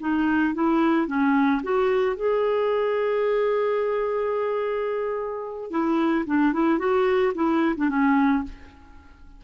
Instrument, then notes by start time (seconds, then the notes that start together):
clarinet
0.00 D#4
0.54 E4
1.07 C#4
1.63 F#4
2.16 G#4
5.71 E4
6.26 D4
6.53 E4
6.79 F#4
7.35 E4
7.77 D4
7.89 C#4